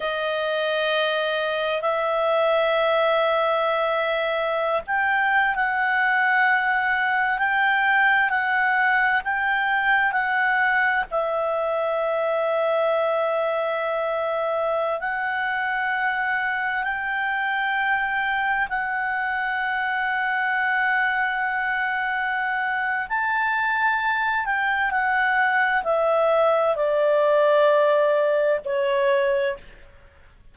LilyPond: \new Staff \with { instrumentName = "clarinet" } { \time 4/4 \tempo 4 = 65 dis''2 e''2~ | e''4~ e''16 g''8. fis''2 | g''4 fis''4 g''4 fis''4 | e''1~ |
e''16 fis''2 g''4.~ g''16~ | g''16 fis''2.~ fis''8.~ | fis''4 a''4. g''8 fis''4 | e''4 d''2 cis''4 | }